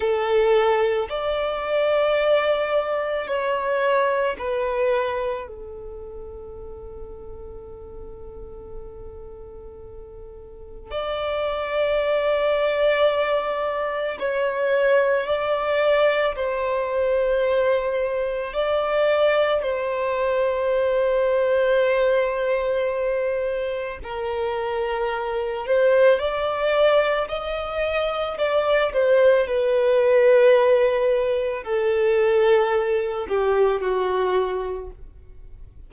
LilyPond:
\new Staff \with { instrumentName = "violin" } { \time 4/4 \tempo 4 = 55 a'4 d''2 cis''4 | b'4 a'2.~ | a'2 d''2~ | d''4 cis''4 d''4 c''4~ |
c''4 d''4 c''2~ | c''2 ais'4. c''8 | d''4 dis''4 d''8 c''8 b'4~ | b'4 a'4. g'8 fis'4 | }